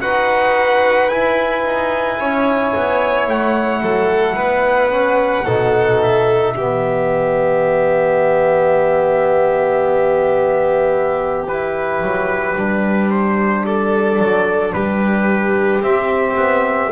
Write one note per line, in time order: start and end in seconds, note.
0.00 1.10 D#4
0.00 1.09 F#4
0.00 2.20 B4
0.00 1.08 F#5
1.08 4.90 E4
1.08 1.64 E4
1.08 3.27 G#5
1.64 2.18 D#4
2.19 2.74 C#4
2.19 3.82 C#5
2.75 3.27 B3
3.27 3.81 A3
3.27 6.01 F#5
3.81 4.36 F#3
3.81 4.35 A4
4.35 5.45 B3
4.35 5.45 B4
4.90 5.45 C#4
5.45 6.55 B2
5.45 6.56 D#4
5.45 6.54 A4
6.02 11.47 E5
6.55 12.01 E3
6.55 11.47 B3
6.55 13.64 G4
11.47 12.55 E4
11.47 13.10 B4
12.01 12.55 F#3
12.55 14.18 G3
12.55 15.81 D4
13.10 13.65 C5
13.65 14.74 A4
13.65 14.72 D5
14.18 14.73 F#3
14.72 15.80 G3
14.72 16.91 G4
14.72 15.82 B4
15.80 16.35 C4
15.80 16.90 C4
15.80 16.91 E5
16.35 16.90 B3